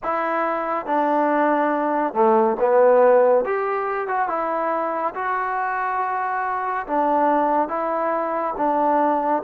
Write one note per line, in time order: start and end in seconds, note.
0.03 0.86 E4
0.86 2.14 D4
2.14 2.56 A3
2.59 3.44 B3
3.44 4.07 G4
4.07 4.28 F#4
4.28 5.14 E4
5.14 6.86 F#4
6.86 7.68 D4
7.68 8.54 E4
8.57 9.42 D4